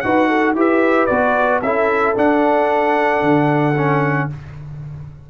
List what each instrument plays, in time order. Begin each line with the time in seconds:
0.00 tuba D#4, trombone F#4, horn B4, trumpet F#5
0.28 horn A4
0.54 tuba E4, trombone G4, horn B4, trumpet E5
1.06 tuba B3, trombone F#4, trumpet D5
1.62 tuba C#4, trombone E4, horn A4, trumpet E5
2.15 trombone D4, tuba D4, trumpet F#5
3.22 tuba D3
3.77 trombone C#4